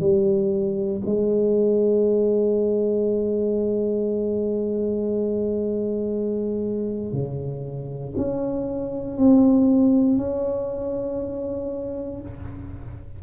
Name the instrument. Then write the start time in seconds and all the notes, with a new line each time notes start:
tuba
0.00 G3
1.06 G#3
7.12 C#3
8.17 C#4
9.18 C4
10.17 C#4